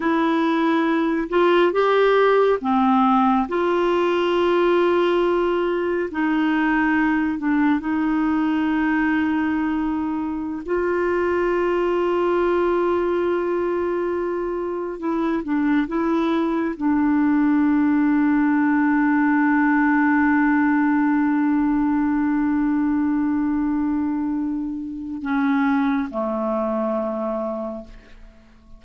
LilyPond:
\new Staff \with { instrumentName = "clarinet" } { \time 4/4 \tempo 4 = 69 e'4. f'8 g'4 c'4 | f'2. dis'4~ | dis'8 d'8 dis'2.~ | dis'16 f'2.~ f'8.~ |
f'4~ f'16 e'8 d'8 e'4 d'8.~ | d'1~ | d'1~ | d'4 cis'4 a2 | }